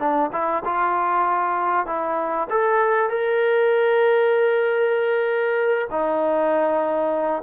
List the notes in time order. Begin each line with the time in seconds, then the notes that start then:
0.00 D4
0.33 E4
0.65 F4
1.87 E4
2.51 A4
3.10 A#4
5.91 D#4